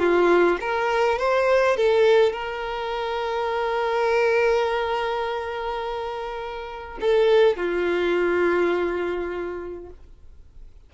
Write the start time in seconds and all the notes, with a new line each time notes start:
0.00 F4
0.61 A#4
1.19 C5
1.77 A4
2.33 A#4
7.01 A4
7.57 F4